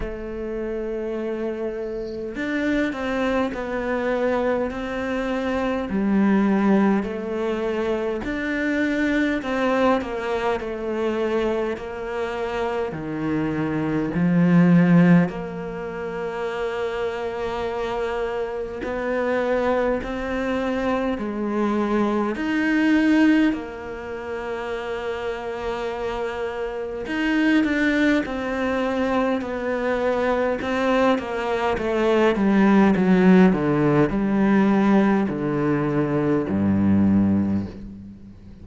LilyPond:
\new Staff \with { instrumentName = "cello" } { \time 4/4 \tempo 4 = 51 a2 d'8 c'8 b4 | c'4 g4 a4 d'4 | c'8 ais8 a4 ais4 dis4 | f4 ais2. |
b4 c'4 gis4 dis'4 | ais2. dis'8 d'8 | c'4 b4 c'8 ais8 a8 g8 | fis8 d8 g4 d4 g,4 | }